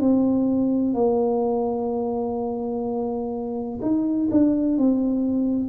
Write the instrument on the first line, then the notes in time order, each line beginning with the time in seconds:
tuba
0.00 C4
0.94 A#3
3.82 D#4
4.31 D4
4.78 C4